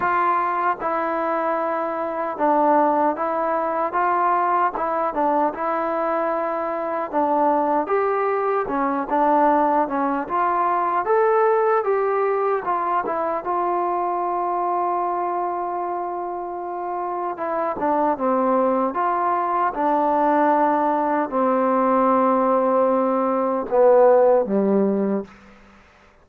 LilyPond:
\new Staff \with { instrumentName = "trombone" } { \time 4/4 \tempo 4 = 76 f'4 e'2 d'4 | e'4 f'4 e'8 d'8 e'4~ | e'4 d'4 g'4 cis'8 d'8~ | d'8 cis'8 f'4 a'4 g'4 |
f'8 e'8 f'2.~ | f'2 e'8 d'8 c'4 | f'4 d'2 c'4~ | c'2 b4 g4 | }